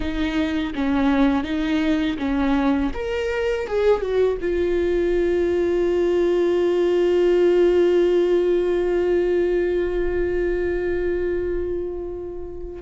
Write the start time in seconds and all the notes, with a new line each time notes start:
0.00 D#4
0.75 C#4
1.43 D#4
2.18 C#4
2.93 A#4
3.67 G#4
4.01 F#4
4.41 F4